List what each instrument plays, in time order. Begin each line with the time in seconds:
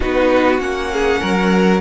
0.00 cello B3, viola D#4, violin F#4 B4
0.58 cello A#3, viola C#4, violin F#5
0.92 violin G#4
1.20 cello F#3, violin A#4